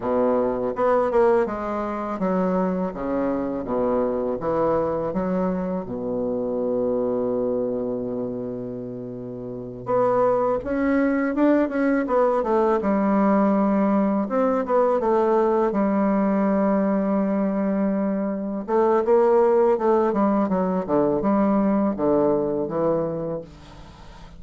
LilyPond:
\new Staff \with { instrumentName = "bassoon" } { \time 4/4 \tempo 4 = 82 b,4 b8 ais8 gis4 fis4 | cis4 b,4 e4 fis4 | b,1~ | b,4. b4 cis'4 d'8 |
cis'8 b8 a8 g2 c'8 | b8 a4 g2~ g8~ | g4. a8 ais4 a8 g8 | fis8 d8 g4 d4 e4 | }